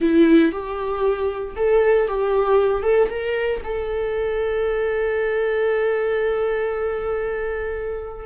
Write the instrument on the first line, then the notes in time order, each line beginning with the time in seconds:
viola
0.00 E4
0.52 G4
1.56 A4
2.07 G4
2.82 A4
3.09 A#4
3.63 A4